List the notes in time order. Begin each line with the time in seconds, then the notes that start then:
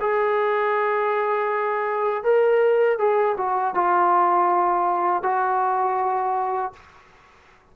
0.00 G#4
2.23 A#4
2.98 G#4
3.37 F#4
3.74 F4
5.23 F#4